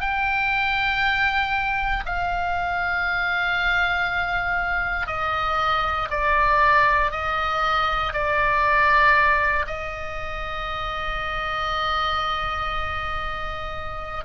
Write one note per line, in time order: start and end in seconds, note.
0.00 2.03 G5
2.05 5.07 F5
5.07 6.08 D#5
6.10 7.11 D5
7.11 8.13 D#5
8.13 9.66 D5
9.67 14.24 D#5